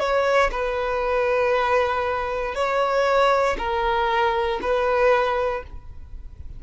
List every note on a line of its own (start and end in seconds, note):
0.00 0.51 C#5
0.52 2.55 B4
2.55 3.57 C#5
3.58 4.60 A#4
4.62 5.63 B4